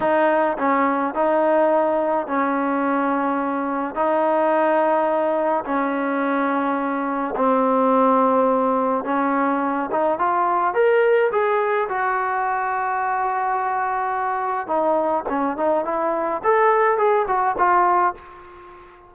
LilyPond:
\new Staff \with { instrumentName = "trombone" } { \time 4/4 \tempo 4 = 106 dis'4 cis'4 dis'2 | cis'2. dis'4~ | dis'2 cis'2~ | cis'4 c'2. |
cis'4. dis'8 f'4 ais'4 | gis'4 fis'2.~ | fis'2 dis'4 cis'8 dis'8 | e'4 a'4 gis'8 fis'8 f'4 | }